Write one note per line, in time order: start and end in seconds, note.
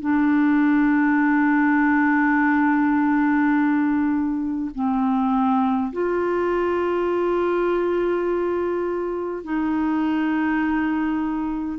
0.00 4.71 D4
4.74 5.92 C4
5.93 9.44 F4
9.44 11.79 D#4